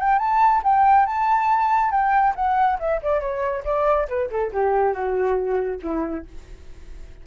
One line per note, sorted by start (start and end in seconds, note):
0.00 0.19 G5
0.19 0.62 A5
0.64 1.07 G5
1.07 1.91 A5
1.91 2.34 G5
2.36 2.79 F#5
2.80 3.01 E5
3.02 3.21 D5
3.21 3.64 C#5
3.65 4.08 D5
4.08 4.30 B4
4.30 4.52 A4
4.53 4.94 G4
4.94 5.80 F#4
5.83 6.26 E4